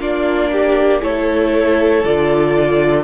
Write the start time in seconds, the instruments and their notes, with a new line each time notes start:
0.00 cello A#3, viola D4, violin F4 D5
0.52 violin G4
1.00 cello A3, viola E4, violin A4 C#5
2.04 cello D3, viola F4, violin D5